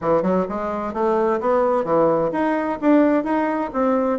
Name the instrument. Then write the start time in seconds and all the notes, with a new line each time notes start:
bassoon
0.01 E3
0.22 F#3
0.48 G#3
0.93 A3
1.40 B3
1.84 E3
2.32 D#4
2.81 D4
3.24 D#4
3.73 C4